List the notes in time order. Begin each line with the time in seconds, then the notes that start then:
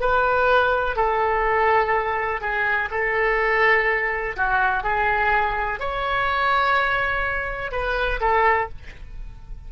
0.00 B4
0.96 A4
2.41 G#4
2.90 A4
4.36 F#4
4.83 G#4
5.79 C#5
7.72 B4
8.20 A4